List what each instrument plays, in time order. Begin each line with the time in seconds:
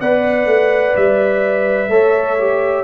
0.00 tuba B3, trombone B4, horn D5, trumpet F#5
0.45 tuba A3
0.96 tuba G3, trumpet E5
1.88 tuba A3, trombone A4, horn C#5
2.38 trombone G4